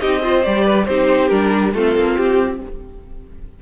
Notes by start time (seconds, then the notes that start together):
0.00 C4 D#4 G4 D#5
0.22 F4 C5
0.44 G3 G4 D5
0.65 B4
0.85 C4 D#4 G4 C5
1.28 G3 D4 A#4
1.74 A3 C4 F4 A4
1.95 A#3
2.16 C4 G4